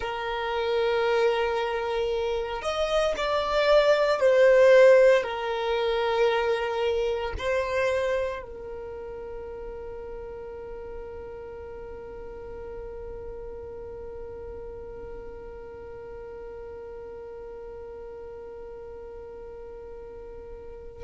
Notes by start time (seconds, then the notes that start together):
0.00 A#4
2.61 D#5
3.16 D5
4.20 C5
5.23 A#4
7.37 C5
8.42 A#4